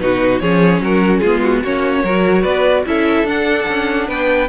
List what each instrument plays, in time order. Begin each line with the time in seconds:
0.00 cello B2, viola D#4, violin F#4 B4
0.40 cello F3, viola C#4, violin G#4 C#5
0.80 cello F#3, violin F#4 A#4
1.20 cello G#3, viola B3, violin F4 G#4
1.43 violin F#4
1.63 cello A#3, viola C#4, violin F#4 C#5
2.04 cello F#3, viola F#4, violin A#4
2.42 cello B3, violin B4 D5
2.86 cello C#4, viola E4, violin A4 E5
3.24 cello D4, viola D4, violin F#5
3.69 cello C#4
4.08 cello B3, violin B4 G5